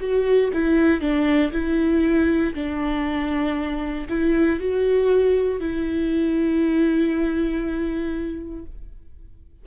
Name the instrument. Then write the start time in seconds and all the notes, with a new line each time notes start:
viola
0.00 F#4
0.53 E4
1.01 D4
1.52 E4
2.54 D4
4.09 E4
4.59 F#4
5.60 E4